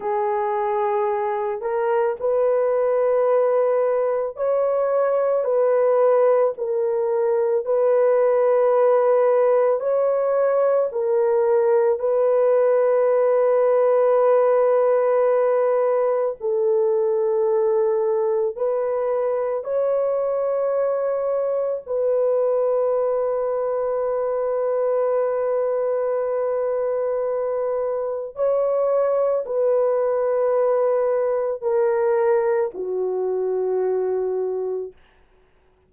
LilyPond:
\new Staff \with { instrumentName = "horn" } { \time 4/4 \tempo 4 = 55 gis'4. ais'8 b'2 | cis''4 b'4 ais'4 b'4~ | b'4 cis''4 ais'4 b'4~ | b'2. a'4~ |
a'4 b'4 cis''2 | b'1~ | b'2 cis''4 b'4~ | b'4 ais'4 fis'2 | }